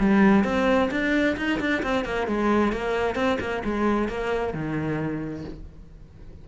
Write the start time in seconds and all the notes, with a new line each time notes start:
0.00 G3
0.44 C4
0.91 D4
1.37 D#4
1.60 D4
1.83 C4
2.05 A#3
2.27 G#3
2.73 A#3
3.16 C4
3.40 A#3
3.65 G#3
4.09 A#3
4.54 D#3